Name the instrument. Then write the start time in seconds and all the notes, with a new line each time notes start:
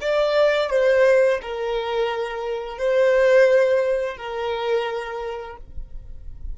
violin
0.00 D5
0.70 C5
1.41 A#4
2.78 C5
4.17 A#4